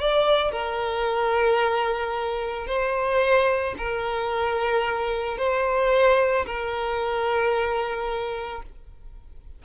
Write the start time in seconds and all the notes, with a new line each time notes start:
0.00 D5
0.51 A#4
2.67 C5
3.77 A#4
5.38 C5
6.46 A#4